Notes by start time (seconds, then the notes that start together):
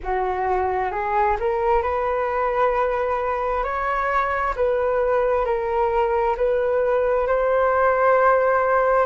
0.02 F#4
0.91 G#4
1.39 A#4
1.82 B4
3.63 C#5
4.56 B4
5.45 A#4
6.36 B4
7.27 C5